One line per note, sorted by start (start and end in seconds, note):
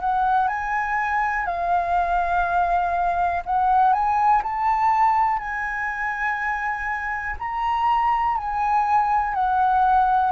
0.00 0.48 F#5
0.48 1.46 G#5
1.46 3.42 F5
3.45 3.93 F#5
3.93 4.42 G#5
4.43 5.39 A5
5.39 7.36 G#5
7.39 8.37 A#5
8.37 9.34 G#5
9.34 10.31 F#5